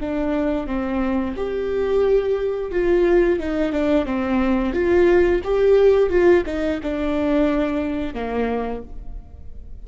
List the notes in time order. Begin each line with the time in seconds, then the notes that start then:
0.00 D4
0.67 C4
1.36 G4
2.71 F4
3.39 D#4
3.72 D4
4.05 C4
4.73 F4
5.44 G4
6.09 F4
6.46 D#4
6.82 D4
8.14 A#3